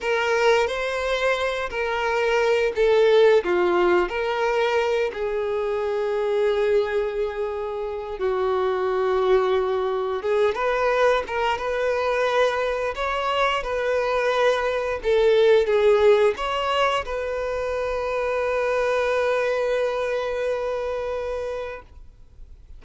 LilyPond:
\new Staff \with { instrumentName = "violin" } { \time 4/4 \tempo 4 = 88 ais'4 c''4. ais'4. | a'4 f'4 ais'4. gis'8~ | gis'1 | fis'2. gis'8 b'8~ |
b'8 ais'8 b'2 cis''4 | b'2 a'4 gis'4 | cis''4 b'2.~ | b'1 | }